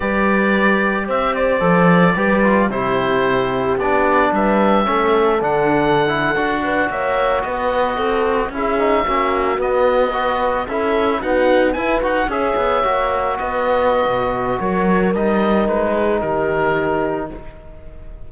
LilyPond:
<<
  \new Staff \with { instrumentName = "oboe" } { \time 4/4 \tempo 4 = 111 d''2 e''8 d''4.~ | d''4 c''2 d''4 | e''2 fis''2~ | fis''8. e''4 dis''2 e''16~ |
e''4.~ e''16 dis''2 e''16~ | e''8. fis''4 gis''8 fis''8 e''4~ e''16~ | e''8. dis''2~ dis''16 cis''4 | dis''4 b'4 ais'2 | }
  \new Staff \with { instrumentName = "horn" } { \time 4/4 b'2 c''2 | b'4 g'2. | b'4 a'2.~ | a'16 b'8 cis''4 b'4 a'4 gis'16~ |
gis'8. fis'2 b'4 a'16~ | a'8. fis'4 b'4 cis''4~ cis''16~ | cis''8. b'2~ b'16 ais'4~ | ais'4. gis'8 g'2 | }
  \new Staff \with { instrumentName = "trombone" } { \time 4/4 g'2. a'4 | g'8 f'8 e'2 d'4~ | d'4 cis'4 d'4~ d'16 e'8 fis'16~ | fis'2.~ fis'8. e'16~ |
e'16 dis'8 cis'4 b4 fis'4 e'16~ | e'8. b4 e'8 fis'8 gis'4 fis'16~ | fis'1 | dis'1 | }
  \new Staff \with { instrumentName = "cello" } { \time 4/4 g2 c'4 f4 | g4 c2 b4 | g4 a4 d4.~ d16 d'16~ | d'8. ais4 b4 c'4 cis'16~ |
cis'8. ais4 b2 cis'16~ | cis'8. dis'4 e'8 dis'8 cis'8 b8 ais16~ | ais8. b4~ b16 b,4 fis4 | g4 gis4 dis2 | }
>>